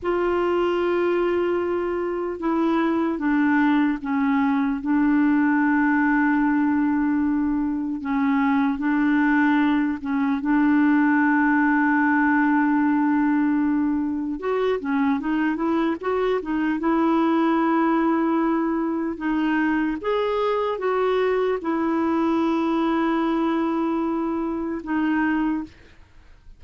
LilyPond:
\new Staff \with { instrumentName = "clarinet" } { \time 4/4 \tempo 4 = 75 f'2. e'4 | d'4 cis'4 d'2~ | d'2 cis'4 d'4~ | d'8 cis'8 d'2.~ |
d'2 fis'8 cis'8 dis'8 e'8 | fis'8 dis'8 e'2. | dis'4 gis'4 fis'4 e'4~ | e'2. dis'4 | }